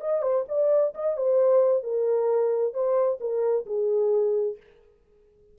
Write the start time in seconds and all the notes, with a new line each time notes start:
0.00 D#5
0.22 C5
0.48 D5
0.94 D#5
1.17 C5
1.83 A#4
2.73 C5
3.20 A#4
3.66 G#4